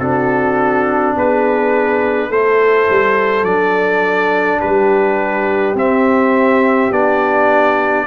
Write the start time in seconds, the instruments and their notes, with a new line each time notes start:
0.00 tuba C4, trombone D4, horn F#4, trumpet A4
1.16 tuba B3, horn G#4, trumpet B4
2.30 tuba A3, trombone E4, horn A4, trumpet C5
2.90 tuba G3
3.44 tuba F#3, trombone D4, trumpet D5
4.60 tuba G3, horn G4, trumpet B4
5.75 tuba C4, trombone C4, trumpet E5
6.92 tuba B3, trombone D4, trumpet D5